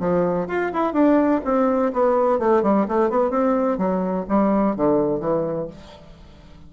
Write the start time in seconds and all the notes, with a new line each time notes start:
0.00 F3
0.48 F4
0.73 E4
0.93 D4
1.45 C4
1.93 B3
2.39 A3
2.63 G3
2.88 A3
3.10 B3
3.31 C4
3.78 F#3
4.29 G3
4.76 D3
5.20 E3